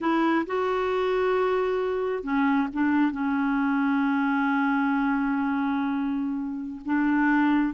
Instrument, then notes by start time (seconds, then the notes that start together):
clarinet
0.00 E4
0.46 F#4
2.23 C#4
2.73 D4
3.11 C#4
6.85 D4